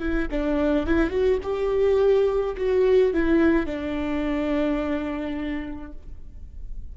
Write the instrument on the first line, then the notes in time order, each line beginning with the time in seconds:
viola
0.00 E4
0.31 D4
0.87 E4
1.11 F#4
1.43 G4
2.57 F#4
3.14 E4
3.66 D4